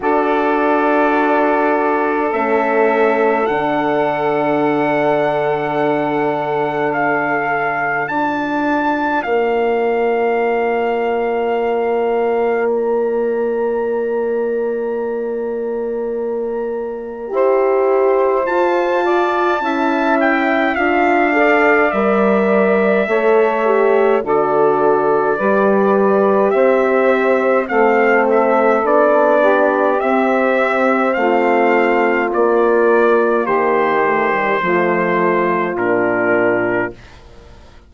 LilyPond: <<
  \new Staff \with { instrumentName = "trumpet" } { \time 4/4 \tempo 4 = 52 d''2 e''4 fis''4~ | fis''2 f''4 a''4 | f''2. ais''4~ | ais''1 |
a''4. g''8 f''4 e''4~ | e''4 d''2 e''4 | f''8 e''8 d''4 e''4 f''4 | d''4 c''2 ais'4 | }
  \new Staff \with { instrumentName = "saxophone" } { \time 4/4 a'1~ | a'2. d''4~ | d''1~ | d''2. c''4~ |
c''8 d''8 e''4. d''4. | cis''4 a'4 b'4 c''4 | a'4. g'4. f'4~ | f'4 g'4 f'2 | }
  \new Staff \with { instrumentName = "horn" } { \time 4/4 fis'2 cis'4 d'4~ | d'2. f'4~ | f'1~ | f'2. g'4 |
f'4 e'4 f'8 a'8 ais'4 | a'8 g'8 fis'4 g'2 | c'4 d'4 c'2 | ais4. a16 g16 a4 d'4 | }
  \new Staff \with { instrumentName = "bassoon" } { \time 4/4 d'2 a4 d4~ | d2. d'4 | ais1~ | ais2. e'4 |
f'4 cis'4 d'4 g4 | a4 d4 g4 c'4 | a4 b4 c'4 a4 | ais4 dis4 f4 ais,4 | }
>>